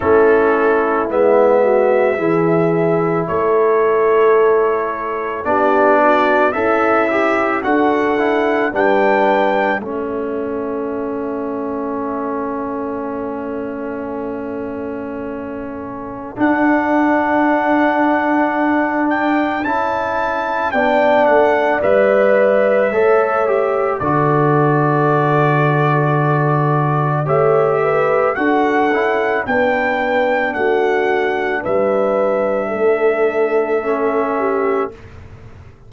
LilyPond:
<<
  \new Staff \with { instrumentName = "trumpet" } { \time 4/4 \tempo 4 = 55 a'4 e''2 cis''4~ | cis''4 d''4 e''4 fis''4 | g''4 e''2.~ | e''2. fis''4~ |
fis''4. g''8 a''4 g''8 fis''8 | e''2 d''2~ | d''4 e''4 fis''4 g''4 | fis''4 e''2. | }
  \new Staff \with { instrumentName = "horn" } { \time 4/4 e'4. fis'8 gis'4 a'4~ | a'4 g'8 fis'8 e'4 a'4 | b'4 a'2.~ | a'1~ |
a'2. d''4~ | d''4 cis''4 a'2~ | a'4 cis''8 b'8 a'4 b'4 | fis'4 b'4 a'4. g'8 | }
  \new Staff \with { instrumentName = "trombone" } { \time 4/4 cis'4 b4 e'2~ | e'4 d'4 a'8 g'8 fis'8 e'8 | d'4 cis'2.~ | cis'2. d'4~ |
d'2 e'4 d'4 | b'4 a'8 g'8 fis'2~ | fis'4 g'4 fis'8 e'8 d'4~ | d'2. cis'4 | }
  \new Staff \with { instrumentName = "tuba" } { \time 4/4 a4 gis4 e4 a4~ | a4 b4 cis'4 d'4 | g4 a2.~ | a2. d'4~ |
d'2 cis'4 b8 a8 | g4 a4 d2~ | d4 a4 d'8 cis'8 b4 | a4 g4 a2 | }
>>